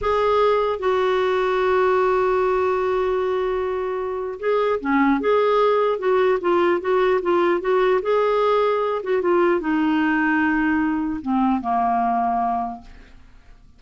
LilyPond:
\new Staff \with { instrumentName = "clarinet" } { \time 4/4 \tempo 4 = 150 gis'2 fis'2~ | fis'1~ | fis'2. gis'4 | cis'4 gis'2 fis'4 |
f'4 fis'4 f'4 fis'4 | gis'2~ gis'8 fis'8 f'4 | dis'1 | c'4 ais2. | }